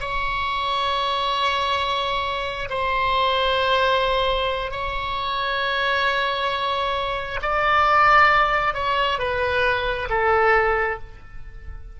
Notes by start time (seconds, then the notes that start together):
0.00 C#5
2.69 C5
4.71 C#5
7.42 D5
8.74 C#5
9.19 B4
10.09 A4